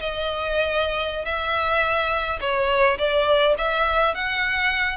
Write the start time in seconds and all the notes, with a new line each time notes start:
0.00 D#5
1.25 E5
2.41 C#5
2.98 D5
3.58 E5
4.15 F#5